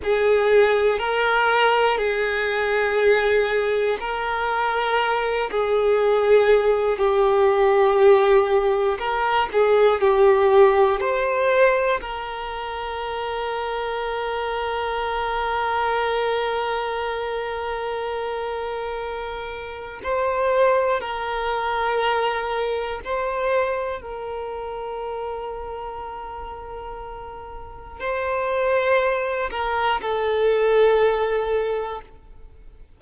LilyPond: \new Staff \with { instrumentName = "violin" } { \time 4/4 \tempo 4 = 60 gis'4 ais'4 gis'2 | ais'4. gis'4. g'4~ | g'4 ais'8 gis'8 g'4 c''4 | ais'1~ |
ais'1 | c''4 ais'2 c''4 | ais'1 | c''4. ais'8 a'2 | }